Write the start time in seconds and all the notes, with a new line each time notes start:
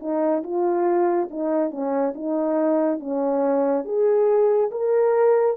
0.00 D#4
0.43 F4
1.31 D#4
1.71 C#4
2.15 D#4
3.00 C#4
3.85 G#4
4.71 A#4